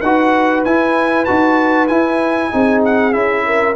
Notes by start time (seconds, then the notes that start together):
0.00 D#4 F#4 B4 F#5
0.64 E4 G#5
1.24 D#4 F#4 A5
1.87 E4 G#5
2.51 C4 D#4 G#4
2.84 F#5
3.12 C#4 E4 E5
3.45 A#4